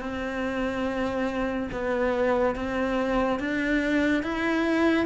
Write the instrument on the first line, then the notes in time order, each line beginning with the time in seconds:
cello
0.00 C4
1.72 B3
2.55 C4
3.40 D4
4.23 E4